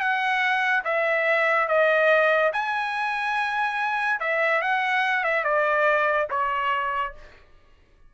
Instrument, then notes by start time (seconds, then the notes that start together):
trumpet
0.00 F#5
0.84 E5
1.68 D#5
2.53 G#5
4.20 E5
4.62 F#5
5.24 E5
5.44 D5
6.30 C#5